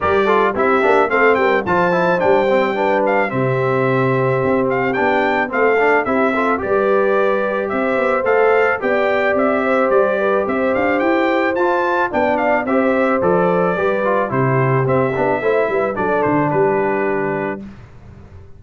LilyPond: <<
  \new Staff \with { instrumentName = "trumpet" } { \time 4/4 \tempo 4 = 109 d''4 e''4 f''8 g''8 a''4 | g''4. f''8 e''2~ | e''8 f''8 g''4 f''4 e''4 | d''2 e''4 f''4 |
g''4 e''4 d''4 e''8 f''8 | g''4 a''4 g''8 f''8 e''4 | d''2 c''4 e''4~ | e''4 d''8 c''8 b'2 | }
  \new Staff \with { instrumentName = "horn" } { \time 4/4 ais'8 a'8 g'4 a'8 ais'8 c''4~ | c''4 b'4 g'2~ | g'2 a'4 g'8 a'8 | b'2 c''2 |
d''4. c''4 b'8 c''4~ | c''2 d''4 c''4~ | c''4 b'4 g'2 | c''8 b'8 a'4 g'2 | }
  \new Staff \with { instrumentName = "trombone" } { \time 4/4 g'8 f'8 e'8 d'8 c'4 f'8 e'8 | d'8 c'8 d'4 c'2~ | c'4 d'4 c'8 d'8 e'8 f'8 | g'2. a'4 |
g'1~ | g'4 f'4 d'4 g'4 | a'4 g'8 f'8 e'4 c'8 d'8 | e'4 d'2. | }
  \new Staff \with { instrumentName = "tuba" } { \time 4/4 g4 c'8 ais8 a8 g8 f4 | g2 c2 | c'4 b4 a4 c'4 | g2 c'8 b8 a4 |
b4 c'4 g4 c'8 d'8 | e'4 f'4 b4 c'4 | f4 g4 c4 c'8 b8 | a8 g8 fis8 d8 g2 | }
>>